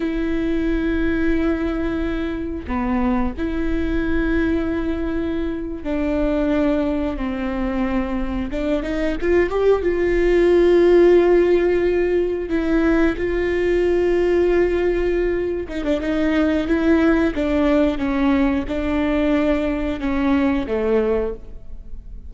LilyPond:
\new Staff \with { instrumentName = "viola" } { \time 4/4 \tempo 4 = 90 e'1 | b4 e'2.~ | e'8. d'2 c'4~ c'16~ | c'8. d'8 dis'8 f'8 g'8 f'4~ f'16~ |
f'2~ f'8. e'4 f'16~ | f'2.~ f'8 dis'16 d'16 | dis'4 e'4 d'4 cis'4 | d'2 cis'4 a4 | }